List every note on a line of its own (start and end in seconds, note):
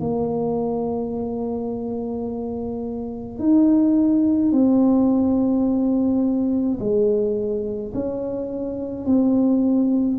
0.00 3.39 A#3
3.39 4.52 D#4
4.52 6.78 C4
6.79 7.92 G#3
7.94 9.06 C#4
9.06 10.18 C4